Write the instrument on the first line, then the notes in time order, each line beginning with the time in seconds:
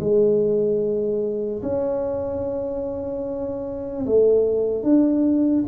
tuba
0.00 G#3
1.63 C#4
4.06 A3
4.84 D4